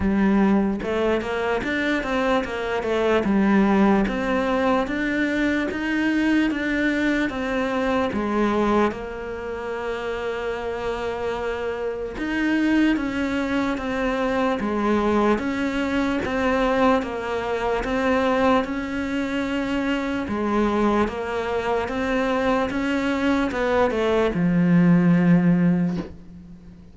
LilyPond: \new Staff \with { instrumentName = "cello" } { \time 4/4 \tempo 4 = 74 g4 a8 ais8 d'8 c'8 ais8 a8 | g4 c'4 d'4 dis'4 | d'4 c'4 gis4 ais4~ | ais2. dis'4 |
cis'4 c'4 gis4 cis'4 | c'4 ais4 c'4 cis'4~ | cis'4 gis4 ais4 c'4 | cis'4 b8 a8 f2 | }